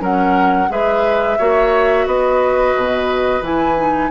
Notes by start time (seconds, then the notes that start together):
0.00 F#3 C#4 A#4 F#5
0.69 G#3 G#4 B4 E5
1.39 A#3 F#4 C#5
2.07 B3 B4 D#5
2.76 B2
3.42 E3 E4 G#5
3.77 D#4